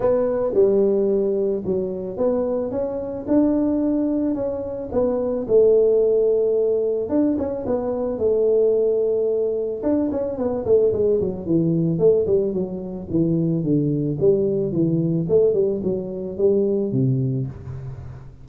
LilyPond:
\new Staff \with { instrumentName = "tuba" } { \time 4/4 \tempo 4 = 110 b4 g2 fis4 | b4 cis'4 d'2 | cis'4 b4 a2~ | a4 d'8 cis'8 b4 a4~ |
a2 d'8 cis'8 b8 a8 | gis8 fis8 e4 a8 g8 fis4 | e4 d4 g4 e4 | a8 g8 fis4 g4 c4 | }